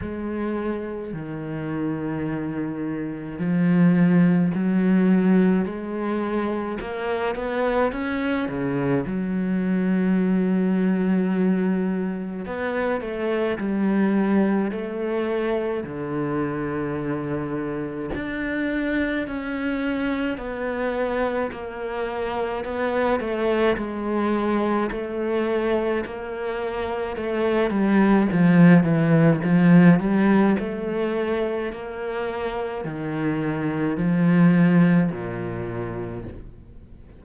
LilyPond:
\new Staff \with { instrumentName = "cello" } { \time 4/4 \tempo 4 = 53 gis4 dis2 f4 | fis4 gis4 ais8 b8 cis'8 cis8 | fis2. b8 a8 | g4 a4 d2 |
d'4 cis'4 b4 ais4 | b8 a8 gis4 a4 ais4 | a8 g8 f8 e8 f8 g8 a4 | ais4 dis4 f4 ais,4 | }